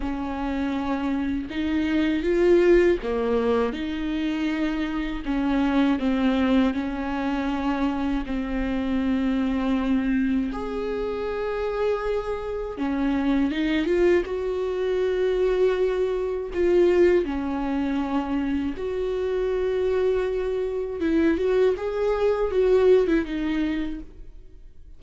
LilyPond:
\new Staff \with { instrumentName = "viola" } { \time 4/4 \tempo 4 = 80 cis'2 dis'4 f'4 | ais4 dis'2 cis'4 | c'4 cis'2 c'4~ | c'2 gis'2~ |
gis'4 cis'4 dis'8 f'8 fis'4~ | fis'2 f'4 cis'4~ | cis'4 fis'2. | e'8 fis'8 gis'4 fis'8. e'16 dis'4 | }